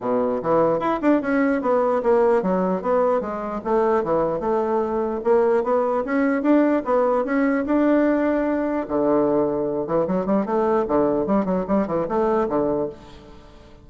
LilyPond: \new Staff \with { instrumentName = "bassoon" } { \time 4/4 \tempo 4 = 149 b,4 e4 e'8 d'8 cis'4 | b4 ais4 fis4 b4 | gis4 a4 e4 a4~ | a4 ais4 b4 cis'4 |
d'4 b4 cis'4 d'4~ | d'2 d2~ | d8 e8 fis8 g8 a4 d4 | g8 fis8 g8 e8 a4 d4 | }